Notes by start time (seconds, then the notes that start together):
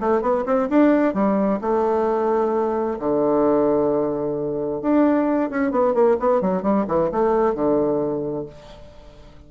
0.00 A3
0.22 B3
0.46 C4
0.69 D4
1.14 G3
1.61 A3
2.99 D3
4.82 D4
5.50 C#4
5.71 B3
5.94 A#3
6.19 B3
6.41 F#3
6.62 G3
6.87 E3
7.11 A3
7.54 D3